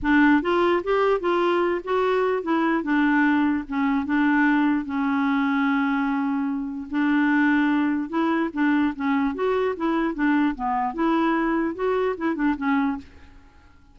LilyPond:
\new Staff \with { instrumentName = "clarinet" } { \time 4/4 \tempo 4 = 148 d'4 f'4 g'4 f'4~ | f'8 fis'4. e'4 d'4~ | d'4 cis'4 d'2 | cis'1~ |
cis'4 d'2. | e'4 d'4 cis'4 fis'4 | e'4 d'4 b4 e'4~ | e'4 fis'4 e'8 d'8 cis'4 | }